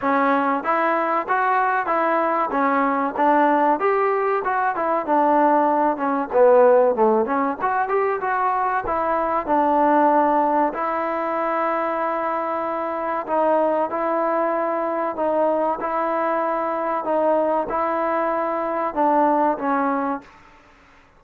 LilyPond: \new Staff \with { instrumentName = "trombone" } { \time 4/4 \tempo 4 = 95 cis'4 e'4 fis'4 e'4 | cis'4 d'4 g'4 fis'8 e'8 | d'4. cis'8 b4 a8 cis'8 | fis'8 g'8 fis'4 e'4 d'4~ |
d'4 e'2.~ | e'4 dis'4 e'2 | dis'4 e'2 dis'4 | e'2 d'4 cis'4 | }